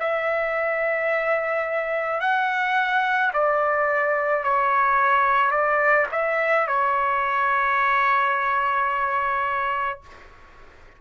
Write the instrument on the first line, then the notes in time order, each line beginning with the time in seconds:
trumpet
0.00 E5
2.21 F#5
3.33 D5
4.43 C#5
5.51 D5
6.12 E5
6.68 C#5